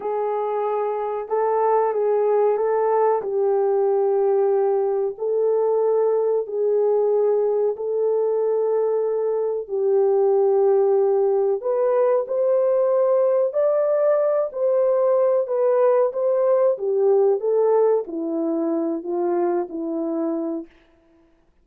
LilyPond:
\new Staff \with { instrumentName = "horn" } { \time 4/4 \tempo 4 = 93 gis'2 a'4 gis'4 | a'4 g'2. | a'2 gis'2 | a'2. g'4~ |
g'2 b'4 c''4~ | c''4 d''4. c''4. | b'4 c''4 g'4 a'4 | e'4. f'4 e'4. | }